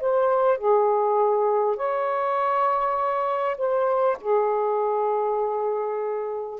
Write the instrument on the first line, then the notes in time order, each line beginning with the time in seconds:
saxophone
0.00 C5
0.58 G#4
1.77 C#5
3.57 C5
4.21 G#4